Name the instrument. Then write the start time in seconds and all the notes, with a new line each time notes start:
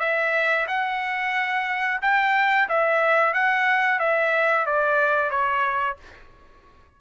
trumpet
0.00 E5
0.68 F#5
2.02 G5
2.69 E5
3.34 F#5
4.00 E5
4.66 D5
5.31 C#5